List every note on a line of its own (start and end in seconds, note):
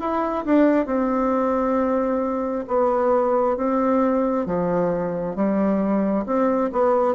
0.00 0.45 E4
0.45 0.86 D4
0.86 2.65 C4
2.68 3.57 B3
3.57 4.46 C4
4.46 5.35 F3
5.36 6.25 G3
6.26 6.70 C4
6.72 7.15 B3